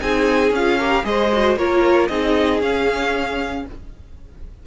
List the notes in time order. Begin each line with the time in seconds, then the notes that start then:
0.00 C4 D#4 G#4 G#5
0.51 C#4 F4 F5
0.79 G4 A#4
1.04 G#3 G#4 C5 D#5
1.33 F#4
1.56 A#3 F4 A#4 C#5
2.08 C4 D#4 G#4 D#5
2.61 C#4 F5